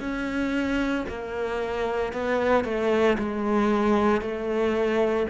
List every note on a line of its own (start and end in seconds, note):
0.00 1.05 C#4
1.09 2.13 A#3
2.13 2.65 B3
2.65 3.17 A3
3.18 4.21 G#3
4.21 5.26 A3